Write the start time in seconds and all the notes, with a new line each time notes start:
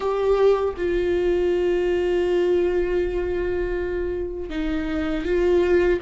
0.00 G4
0.77 F4
4.49 D#4
5.24 F4